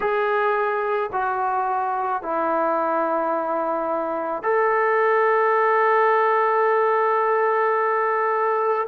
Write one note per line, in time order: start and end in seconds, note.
0.00 1.10 G#4
1.12 2.22 F#4
2.22 4.42 E4
4.42 8.87 A4